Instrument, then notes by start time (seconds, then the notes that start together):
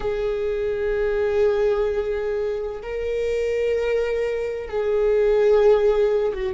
viola
0.00 G#4
2.82 A#4
4.68 G#4
6.33 F#4